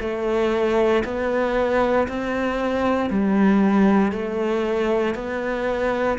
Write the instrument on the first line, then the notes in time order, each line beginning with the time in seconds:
cello
0.00 A3
1.04 B3
2.08 C4
3.09 G3
4.12 A3
5.14 B3